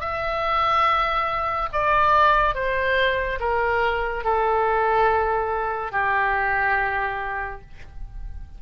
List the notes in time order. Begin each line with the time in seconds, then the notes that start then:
0.00 E5
1.72 D5
2.55 C5
3.40 A#4
4.24 A4
5.92 G4